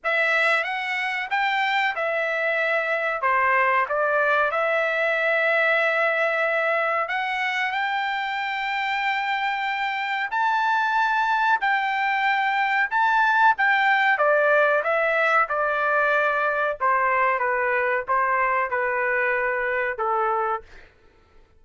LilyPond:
\new Staff \with { instrumentName = "trumpet" } { \time 4/4 \tempo 4 = 93 e''4 fis''4 g''4 e''4~ | e''4 c''4 d''4 e''4~ | e''2. fis''4 | g''1 |
a''2 g''2 | a''4 g''4 d''4 e''4 | d''2 c''4 b'4 | c''4 b'2 a'4 | }